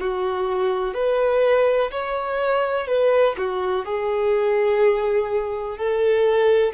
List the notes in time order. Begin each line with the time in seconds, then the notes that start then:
0.00 F#4
0.94 B4
1.91 C#5
2.87 B4
3.38 F#4
3.85 G#4
5.78 A4